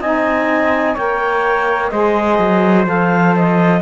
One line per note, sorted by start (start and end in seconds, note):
0.00 0.95 C4
0.00 0.97 D#4
0.00 0.94 D#5
0.00 0.96 G#5
0.94 1.91 A#3
0.94 1.91 A#4
0.94 1.89 C#5
0.94 1.89 G5
1.89 2.38 G#3
1.89 2.85 G#4
1.89 3.81 C5
1.89 2.85 D#5
2.38 2.86 F#3
2.85 3.81 F3
2.85 3.80 A4
2.85 3.35 F5
3.36 3.81 D#5